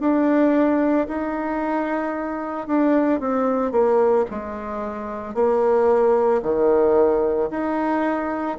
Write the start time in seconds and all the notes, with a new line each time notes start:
0.00 D4
1.07 D#4
2.67 D4
3.19 C4
3.71 A#3
4.30 G#3
5.34 A#3
6.42 D#3
7.50 D#4